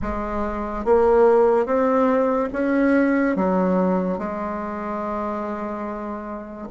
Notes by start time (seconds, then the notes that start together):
0.02 G#3
0.84 A#3
1.66 C4
2.52 C#4
3.35 F#3
4.18 G#3